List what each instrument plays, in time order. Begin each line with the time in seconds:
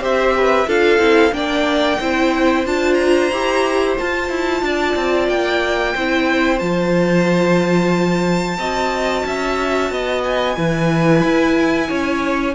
0.00 cello C4, viola G4, violin C5 E5
0.37 violin B4
0.67 cello D4, viola F4, violin A4 F5
0.98 cello C4, viola E4
1.32 cello A#3, viola D4, violin D5 G5
1.99 cello C4, viola E4, violin C5
2.65 cello D4, viola F4, violin A5
2.94 violin A#5
3.31 cello E4, viola G4
3.98 viola F4, cello F4, violin A5
4.29 cello E4
4.62 cello D4, violin D5
4.95 cello C4
5.28 cello A#3, violin G5
5.94 cello C4, viola E4, violin C5
6.59 cello F3, viola F4, violin A5
8.58 cello C4, viola F#4, violin D#5
9.26 cello C#4, violin E5
9.90 cello B3, violin D#5
10.23 violin G#5
10.56 cello E3, viola E4, violin B4
11.23 cello E4
11.88 cello C#4, violin C#5